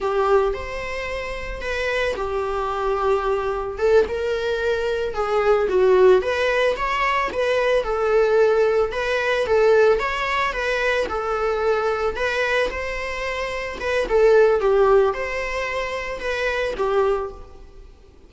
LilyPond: \new Staff \with { instrumentName = "viola" } { \time 4/4 \tempo 4 = 111 g'4 c''2 b'4 | g'2. a'8 ais'8~ | ais'4. gis'4 fis'4 b'8~ | b'8 cis''4 b'4 a'4.~ |
a'8 b'4 a'4 cis''4 b'8~ | b'8 a'2 b'4 c''8~ | c''4. b'8 a'4 g'4 | c''2 b'4 g'4 | }